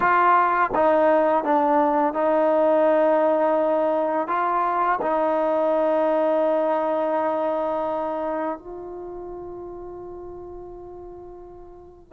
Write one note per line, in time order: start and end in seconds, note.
0.00 0.70 F4
0.75 1.44 D#4
1.44 2.13 D4
2.13 4.27 D#4
4.27 4.99 F4
5.01 8.58 D#4
8.58 12.12 F4